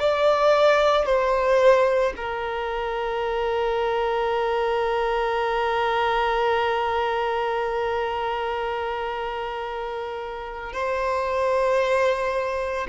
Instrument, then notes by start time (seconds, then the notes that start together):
violin
0.00 D5
1.06 C5
2.17 A#4
10.73 C5